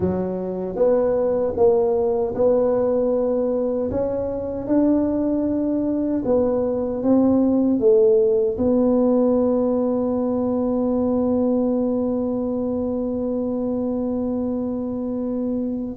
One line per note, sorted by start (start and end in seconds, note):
0.00 0.75 F#3
0.75 1.53 B3
1.56 2.34 A#3
2.34 3.90 B3
3.91 4.67 C#4
4.67 6.23 D4
6.24 7.02 B3
7.03 7.79 C4
7.79 8.57 A3
8.57 15.96 B3